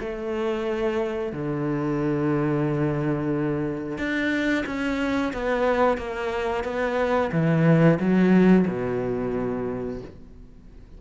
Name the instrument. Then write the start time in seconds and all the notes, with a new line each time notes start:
cello
0.00 A3
1.33 D3
3.98 D4
4.66 C#4
5.34 B3
5.98 A#3
6.65 B3
7.32 E3
8.00 F#3
8.68 B2